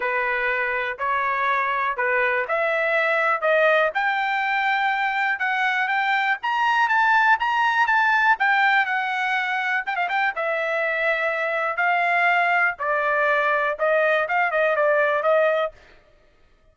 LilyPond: \new Staff \with { instrumentName = "trumpet" } { \time 4/4 \tempo 4 = 122 b'2 cis''2 | b'4 e''2 dis''4 | g''2. fis''4 | g''4 ais''4 a''4 ais''4 |
a''4 g''4 fis''2 | g''16 f''16 g''8 e''2. | f''2 d''2 | dis''4 f''8 dis''8 d''4 dis''4 | }